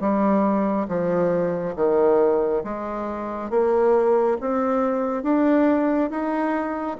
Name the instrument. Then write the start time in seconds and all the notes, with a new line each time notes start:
bassoon
0.00 G3
0.88 F3
1.76 D#3
2.64 G#3
3.50 A#3
4.40 C4
5.23 D4
6.10 D#4